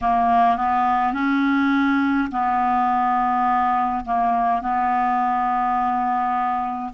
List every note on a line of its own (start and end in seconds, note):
0.01 0.56 A#3
0.56 1.13 B3
1.13 2.28 C#4
2.31 4.04 B3
4.04 4.61 A#3
4.61 6.92 B3